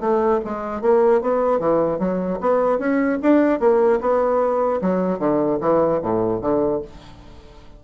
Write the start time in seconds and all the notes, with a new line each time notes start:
0.00 A3
0.44 G#3
0.81 A#3
1.21 B3
1.59 E3
1.99 F#3
2.40 B3
2.78 C#4
3.22 D4
3.60 A#3
4.01 B3
4.81 F#3
5.19 D3
5.61 E3
6.02 A2
6.41 D3